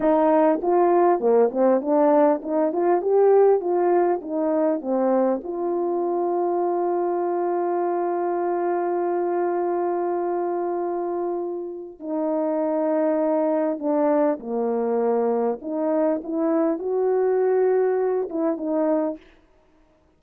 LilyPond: \new Staff \with { instrumentName = "horn" } { \time 4/4 \tempo 4 = 100 dis'4 f'4 ais8 c'8 d'4 | dis'8 f'8 g'4 f'4 dis'4 | c'4 f'2.~ | f'1~ |
f'1 | dis'2. d'4 | ais2 dis'4 e'4 | fis'2~ fis'8 e'8 dis'4 | }